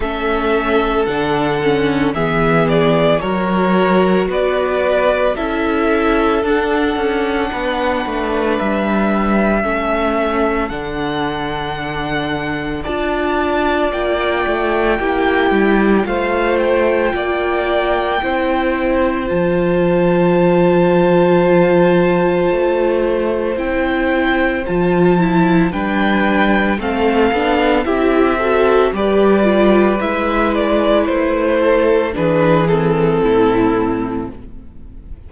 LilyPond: <<
  \new Staff \with { instrumentName = "violin" } { \time 4/4 \tempo 4 = 56 e''4 fis''4 e''8 d''8 cis''4 | d''4 e''4 fis''2 | e''2 fis''2 | a''4 g''2 f''8 g''8~ |
g''2 a''2~ | a''2 g''4 a''4 | g''4 f''4 e''4 d''4 | e''8 d''8 c''4 b'8 a'4. | }
  \new Staff \with { instrumentName = "violin" } { \time 4/4 a'2 gis'4 ais'4 | b'4 a'2 b'4~ | b'4 a'2. | d''2 g'4 c''4 |
d''4 c''2.~ | c''1 | b'4 a'4 g'8 a'8 b'4~ | b'4. a'8 gis'4 e'4 | }
  \new Staff \with { instrumentName = "viola" } { \time 4/4 cis'4 d'8 cis'8 b4 fis'4~ | fis'4 e'4 d'2~ | d'4 cis'4 d'2 | f'2 e'4 f'4~ |
f'4 e'4 f'2~ | f'2 e'4 f'8 e'8 | d'4 c'8 d'8 e'8 fis'8 g'8 f'8 | e'2 d'8 c'4. | }
  \new Staff \with { instrumentName = "cello" } { \time 4/4 a4 d4 e4 fis4 | b4 cis'4 d'8 cis'8 b8 a8 | g4 a4 d2 | d'4 ais8 a8 ais8 g8 a4 |
ais4 c'4 f2~ | f4 a4 c'4 f4 | g4 a8 b8 c'4 g4 | gis4 a4 e4 a,4 | }
>>